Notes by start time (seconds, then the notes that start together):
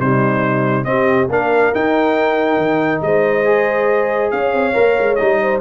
0.00 C3 G3 D#4 C5
0.84 C4 G4 D#5
1.29 A#3 D4 A#4 F5
1.74 D#4 G5
2.58 D#3
3.02 G#3 C5 D#5
3.45 G#4
4.31 C#4 C#5 F5
4.53 C4
4.74 A#3 A#4
4.99 G#3
5.16 G3 D#4 D#5
5.42 C5